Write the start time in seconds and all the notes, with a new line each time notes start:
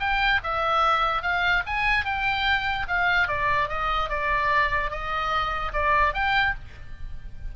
0.00 G5
0.43 E5
1.22 F5
1.66 G#5
2.05 G5
2.88 F5
3.28 D5
3.69 D#5
4.10 D5
4.91 D#5
5.73 D5
6.14 G5